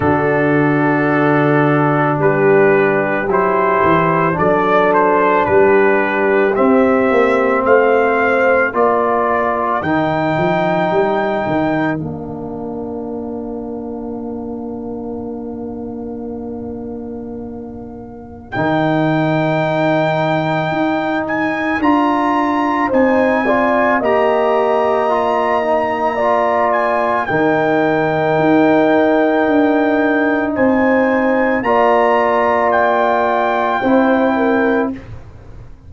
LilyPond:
<<
  \new Staff \with { instrumentName = "trumpet" } { \time 4/4 \tempo 4 = 55 a'2 b'4 c''4 | d''8 c''8 b'4 e''4 f''4 | d''4 g''2 f''4~ | f''1~ |
f''4 g''2~ g''8 gis''8 | ais''4 gis''4 ais''2~ | ais''8 gis''8 g''2. | gis''4 ais''4 g''2 | }
  \new Staff \with { instrumentName = "horn" } { \time 4/4 fis'2 g'2 | a'4 g'2 c''4 | ais'1~ | ais'1~ |
ais'1~ | ais'4 c''8 d''8 dis''2 | d''4 ais'2. | c''4 d''2 c''8 ais'8 | }
  \new Staff \with { instrumentName = "trombone" } { \time 4/4 d'2. e'4 | d'2 c'2 | f'4 dis'2 d'4~ | d'1~ |
d'4 dis'2. | f'4 dis'8 f'8 g'4 f'8 dis'8 | f'4 dis'2.~ | dis'4 f'2 e'4 | }
  \new Staff \with { instrumentName = "tuba" } { \time 4/4 d2 g4 fis8 e8 | fis4 g4 c'8 ais8 a4 | ais4 dis8 f8 g8 dis8 ais4~ | ais1~ |
ais4 dis2 dis'4 | d'4 c'4 ais2~ | ais4 dis4 dis'4 d'4 | c'4 ais2 c'4 | }
>>